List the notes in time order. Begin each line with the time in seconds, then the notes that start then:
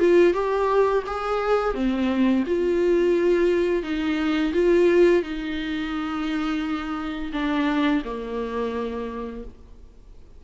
0.00 F4
0.34 G4
1.07 G#4
1.74 C4
2.47 F4
3.83 D#4
4.53 F4
5.23 D#4
7.33 D4
8.05 A#3